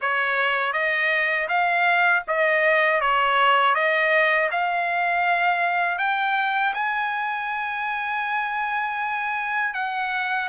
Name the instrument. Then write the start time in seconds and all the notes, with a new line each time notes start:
trumpet
0.01 C#5
0.73 D#5
1.48 F5
2.27 D#5
3.00 C#5
3.74 D#5
4.51 F5
5.98 G5
6.74 G#5
9.74 F#5